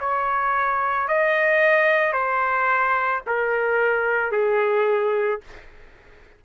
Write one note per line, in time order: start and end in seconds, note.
0.00 1.08 C#5
1.08 2.12 D#5
2.12 3.21 C5
3.26 4.31 A#4
4.31 5.40 G#4